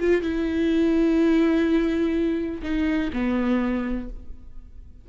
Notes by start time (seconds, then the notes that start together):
0.00 F4
0.22 E4
2.63 D#4
3.13 B3